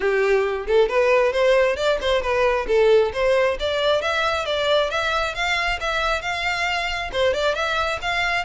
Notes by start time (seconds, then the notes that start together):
0.00 G4
0.67 A4
0.88 B4
1.32 C5
1.76 D5
2.01 C5
2.22 B4
2.67 A4
3.13 C5
3.59 D5
4.01 E5
4.45 D5
4.90 E5
5.35 F5
5.80 E5
6.21 F5
7.12 C5
7.33 D5
7.54 E5
8.01 F5